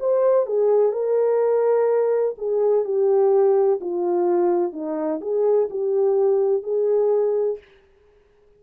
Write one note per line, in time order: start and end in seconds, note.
0.00 0.47 C5
0.47 0.93 G#4
0.93 2.35 A#4
2.38 2.85 G#4
2.85 3.80 G4
3.81 4.73 F4
4.73 5.21 D#4
5.21 5.69 G#4
5.71 6.63 G4
6.63 7.58 G#4